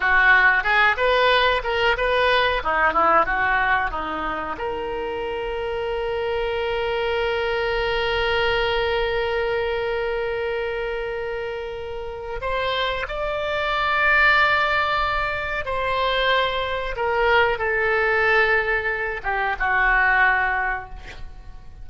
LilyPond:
\new Staff \with { instrumentName = "oboe" } { \time 4/4 \tempo 4 = 92 fis'4 gis'8 b'4 ais'8 b'4 | dis'8 e'8 fis'4 dis'4 ais'4~ | ais'1~ | ais'1~ |
ais'2. c''4 | d''1 | c''2 ais'4 a'4~ | a'4. g'8 fis'2 | }